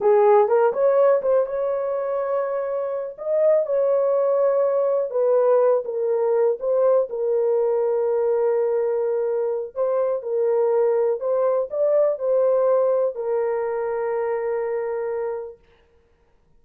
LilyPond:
\new Staff \with { instrumentName = "horn" } { \time 4/4 \tempo 4 = 123 gis'4 ais'8 cis''4 c''8 cis''4~ | cis''2~ cis''8 dis''4 cis''8~ | cis''2~ cis''8 b'4. | ais'4. c''4 ais'4.~ |
ais'1 | c''4 ais'2 c''4 | d''4 c''2 ais'4~ | ais'1 | }